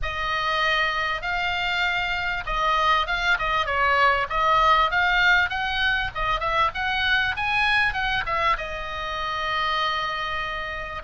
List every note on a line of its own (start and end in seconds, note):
0.02 1.21 D#5
1.21 2.44 F5
2.46 3.06 D#5
3.06 3.37 F5
3.38 3.66 D#5
3.66 4.27 C#5
4.29 4.90 D#5
4.90 5.49 F5
5.49 6.11 F#5
6.14 6.40 D#5
6.40 6.70 E5
6.74 7.35 F#5
7.36 7.93 G#5
7.93 8.23 F#5
8.26 8.56 E5
8.57 11.02 D#5